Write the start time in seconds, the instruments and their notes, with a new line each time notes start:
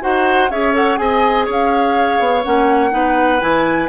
0.00 bassoon D#4, clarinet F#4, oboe C5, flute F#5
0.50 bassoon C#4, clarinet G#4, oboe C#5, flute E5
0.73 clarinet A4, flute F#5
0.97 bassoon C4, clarinet G#4, oboe D#5, flute G#5
1.45 bassoon C#4, oboe C#5
1.52 flute F5
2.19 bassoon B3
2.44 bassoon A#3, clarinet C#4, flute F#5
2.90 bassoon B3, clarinet D#4, oboe B4
3.40 bassoon E3, clarinet E4, flute G#5